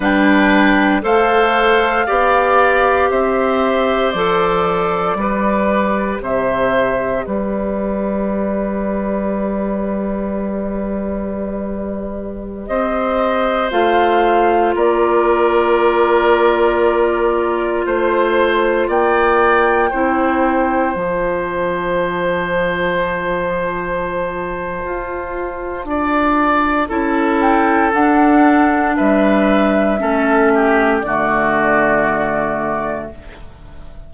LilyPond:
<<
  \new Staff \with { instrumentName = "flute" } { \time 4/4 \tempo 4 = 58 g''4 f''2 e''4 | d''2 e''4 d''4~ | d''1~ | d''16 dis''4 f''4 d''4.~ d''16~ |
d''4~ d''16 c''4 g''4.~ g''16~ | g''16 a''2.~ a''8.~ | a''2~ a''8 g''8 fis''4 | e''2 d''2 | }
  \new Staff \with { instrumentName = "oboe" } { \time 4/4 b'4 c''4 d''4 c''4~ | c''4 b'4 c''4 b'4~ | b'1~ | b'16 c''2 ais'4.~ ais'16~ |
ais'4~ ais'16 c''4 d''4 c''8.~ | c''1~ | c''4 d''4 a'2 | b'4 a'8 g'8 fis'2 | }
  \new Staff \with { instrumentName = "clarinet" } { \time 4/4 d'4 a'4 g'2 | a'4 g'2.~ | g'1~ | g'4~ g'16 f'2~ f'8.~ |
f'2.~ f'16 e'8.~ | e'16 f'2.~ f'8.~ | f'2 e'4 d'4~ | d'4 cis'4 a2 | }
  \new Staff \with { instrumentName = "bassoon" } { \time 4/4 g4 a4 b4 c'4 | f4 g4 c4 g4~ | g1~ | g16 c'4 a4 ais4.~ ais16~ |
ais4~ ais16 a4 ais4 c'8.~ | c'16 f2.~ f8. | f'4 d'4 cis'4 d'4 | g4 a4 d2 | }
>>